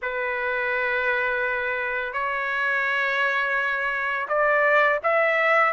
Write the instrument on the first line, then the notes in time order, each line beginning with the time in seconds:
trumpet
0.02 B4
2.13 C#5
4.28 D5
5.03 E5